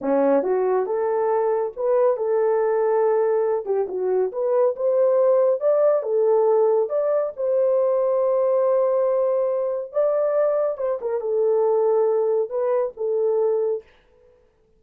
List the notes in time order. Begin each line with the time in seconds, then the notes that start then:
0.01 C#4
0.42 F#4
0.86 A4
1.76 B4
2.16 A4
3.65 G4
3.88 F#4
4.32 B4
4.75 C5
5.60 D5
6.02 A4
6.89 D5
7.36 C5
9.92 D5
10.77 C5
11.01 A#4
11.21 A4
12.49 B4
12.96 A4